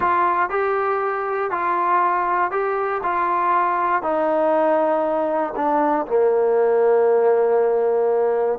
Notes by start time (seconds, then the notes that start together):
0.00 F4
0.49 G4
1.50 F4
2.51 G4
3.03 F4
4.02 D#4
5.56 D4
6.06 A#3